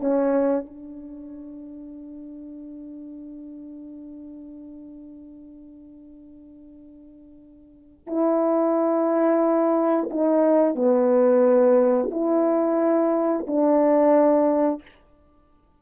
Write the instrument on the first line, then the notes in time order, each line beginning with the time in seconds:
horn
0.00 C#4
0.66 D4
8.07 E4
10.10 D#4
10.75 B3
12.11 E4
13.47 D4